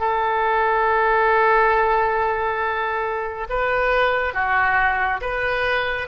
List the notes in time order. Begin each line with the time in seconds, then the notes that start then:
0.00 A4
3.50 B4
4.34 F#4
5.21 B4